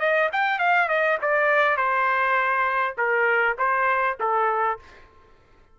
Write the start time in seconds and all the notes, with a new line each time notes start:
0.00 D#5
0.32 G5
0.59 F5
0.88 D#5
1.22 D5
1.77 C5
2.98 A#4
3.58 C5
4.20 A4